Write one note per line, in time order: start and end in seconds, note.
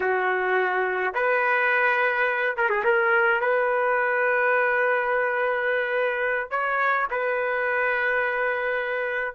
0.00 1.13 F#4
1.14 2.55 B4
2.56 2.69 A#4
2.69 2.83 G#4
2.84 3.40 A#4
3.40 6.50 B4
6.50 7.07 C#5
7.10 9.35 B4